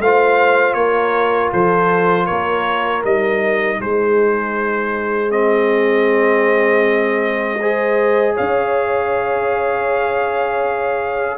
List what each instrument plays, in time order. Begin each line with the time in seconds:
0.00 tuba A3, trombone F4, horn C5, trumpet F5
0.74 tuba A#3, horn A#4, trumpet C#5
1.53 tuba F3, horn A4, trumpet C5
2.26 tuba A#3, horn A#4, trumpet C#5
3.04 tuba G3, trombone D#4, trumpet D#5
3.79 tuba G#3, horn G#4, trumpet C5
5.31 trombone C4, trumpet D#5
7.60 trombone G#4, horn C5
8.34 tuba C#4, horn C#5, trumpet F5